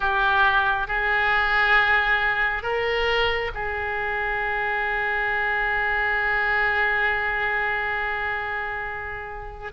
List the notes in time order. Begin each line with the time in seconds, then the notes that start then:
0.00 G4
0.87 G#4
2.62 A#4
3.54 G#4